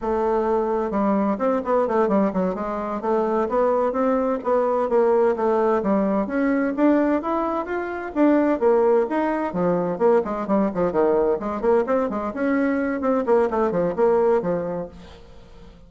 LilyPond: \new Staff \with { instrumentName = "bassoon" } { \time 4/4 \tempo 4 = 129 a2 g4 c'8 b8 | a8 g8 fis8 gis4 a4 b8~ | b8 c'4 b4 ais4 a8~ | a8 g4 cis'4 d'4 e'8~ |
e'8 f'4 d'4 ais4 dis'8~ | dis'8 f4 ais8 gis8 g8 f8 dis8~ | dis8 gis8 ais8 c'8 gis8 cis'4. | c'8 ais8 a8 f8 ais4 f4 | }